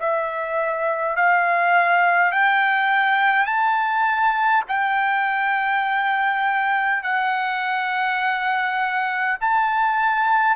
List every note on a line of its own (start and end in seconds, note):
0.00 1.16 E5
1.16 2.32 F5
2.32 3.46 G5
3.46 4.64 A5
4.68 7.03 G5
7.03 9.39 F#5
9.41 10.56 A5